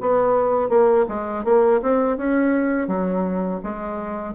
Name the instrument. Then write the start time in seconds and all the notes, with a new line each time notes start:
bassoon
0.00 B3
0.69 A#3
1.08 G#3
1.44 A#3
1.82 C4
2.17 C#4
2.87 F#3
3.63 G#3